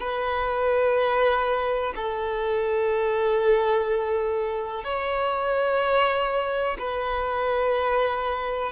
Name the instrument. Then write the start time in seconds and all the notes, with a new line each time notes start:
violin
0.00 B4
1.96 A4
4.84 C#5
6.79 B4